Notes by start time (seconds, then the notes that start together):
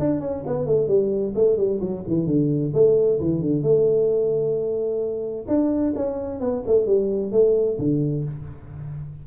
0.00 D4
0.21 C#4
0.47 B3
0.67 A3
0.88 G3
1.35 A3
1.57 G3
1.81 F#3
2.08 E3
2.27 D3
2.74 A3
3.20 E3
3.42 D3
3.63 A3
5.48 D4
5.96 C#4
6.41 B3
6.67 A3
6.87 G3
7.32 A3
7.79 D3